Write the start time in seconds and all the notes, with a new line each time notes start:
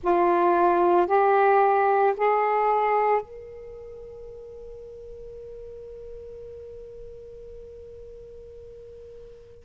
0.03 F4
1.07 G4
2.17 G#4
3.21 A#4